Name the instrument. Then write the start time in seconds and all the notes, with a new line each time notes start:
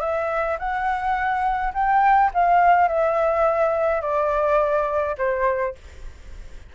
flute
0.00 E5
0.59 F#5
1.74 G5
2.34 F5
2.88 E5
4.01 D5
5.17 C5